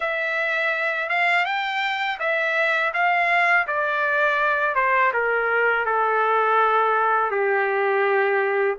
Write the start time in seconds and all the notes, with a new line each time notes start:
0.00 E5
1.09 F5
1.45 G5
2.20 E5
2.93 F5
3.67 D5
4.75 C5
5.13 A#4
5.85 A4
7.30 G4